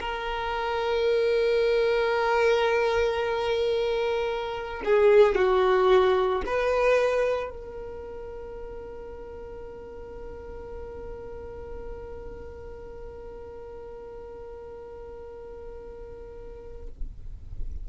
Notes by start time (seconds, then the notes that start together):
0.00 A#4
4.85 G#4
5.35 F#4
6.46 B4
7.50 A#4